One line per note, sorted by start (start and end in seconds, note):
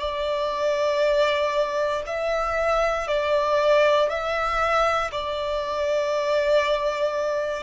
0.00 2.03 D5
2.07 3.08 E5
3.08 4.10 D5
4.10 5.11 E5
5.12 7.64 D5